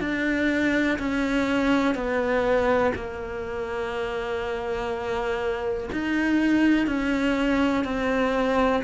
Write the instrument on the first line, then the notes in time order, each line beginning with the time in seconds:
cello
0.00 D4
0.99 C#4
1.94 B3
2.95 A#3
5.92 D#4
6.87 C#4
7.84 C4